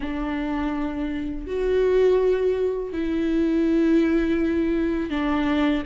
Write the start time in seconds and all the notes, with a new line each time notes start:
0.00 D4
1.46 F#4
2.92 E4
5.10 D4